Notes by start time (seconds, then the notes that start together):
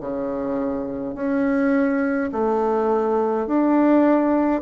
0.00 C#3
1.15 C#4
2.32 A3
3.47 D4